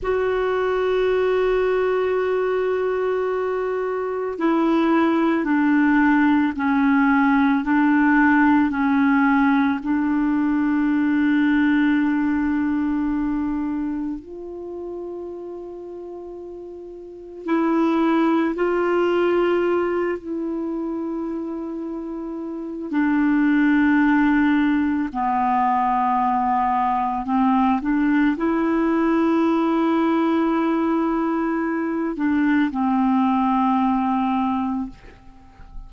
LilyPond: \new Staff \with { instrumentName = "clarinet" } { \time 4/4 \tempo 4 = 55 fis'1 | e'4 d'4 cis'4 d'4 | cis'4 d'2.~ | d'4 f'2. |
e'4 f'4. e'4.~ | e'4 d'2 b4~ | b4 c'8 d'8 e'2~ | e'4. d'8 c'2 | }